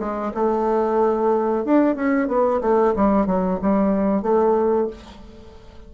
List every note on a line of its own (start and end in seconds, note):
0.00 0.33 G#3
0.34 1.65 A3
1.65 1.96 D4
1.96 2.28 C#4
2.28 2.61 B3
2.61 2.94 A3
2.96 3.26 G3
3.26 3.59 F#3
3.62 4.22 G3
4.22 4.88 A3